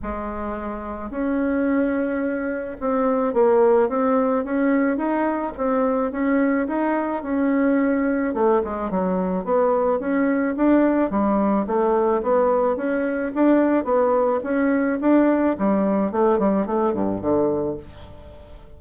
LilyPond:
\new Staff \with { instrumentName = "bassoon" } { \time 4/4 \tempo 4 = 108 gis2 cis'2~ | cis'4 c'4 ais4 c'4 | cis'4 dis'4 c'4 cis'4 | dis'4 cis'2 a8 gis8 |
fis4 b4 cis'4 d'4 | g4 a4 b4 cis'4 | d'4 b4 cis'4 d'4 | g4 a8 g8 a8 g,8 d4 | }